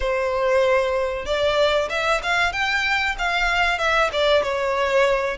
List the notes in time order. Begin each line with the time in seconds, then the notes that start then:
0.00 C5
1.25 D5
1.89 E5
2.22 F5
2.52 G5
3.18 F5
3.78 E5
4.12 D5
4.42 C#5